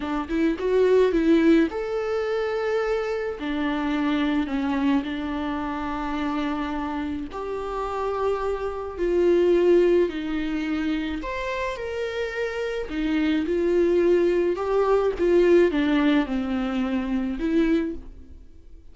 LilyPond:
\new Staff \with { instrumentName = "viola" } { \time 4/4 \tempo 4 = 107 d'8 e'8 fis'4 e'4 a'4~ | a'2 d'2 | cis'4 d'2.~ | d'4 g'2. |
f'2 dis'2 | c''4 ais'2 dis'4 | f'2 g'4 f'4 | d'4 c'2 e'4 | }